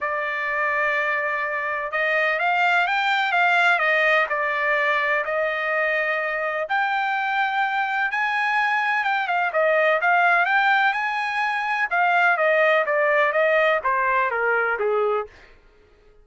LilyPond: \new Staff \with { instrumentName = "trumpet" } { \time 4/4 \tempo 4 = 126 d''1 | dis''4 f''4 g''4 f''4 | dis''4 d''2 dis''4~ | dis''2 g''2~ |
g''4 gis''2 g''8 f''8 | dis''4 f''4 g''4 gis''4~ | gis''4 f''4 dis''4 d''4 | dis''4 c''4 ais'4 gis'4 | }